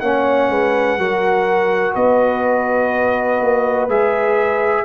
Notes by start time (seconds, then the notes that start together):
0.00 A#3 C#4 C#5 F#5
0.49 G#3 B4
0.98 F#3 F#4 A#4
1.94 B3 B4 D#5
3.40 A#3
3.88 G#3 G#4 E5